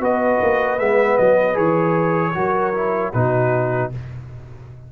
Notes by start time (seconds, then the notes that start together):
0.00 B3 F#4 B4 D#5
0.41 A#3
0.79 G#3 B3 E5
1.18 F#3 D#5
1.54 E3 G#4 C#5
2.34 F#3 F#4 A#4
2.74 E4
3.13 B2 D#4 F#4 B4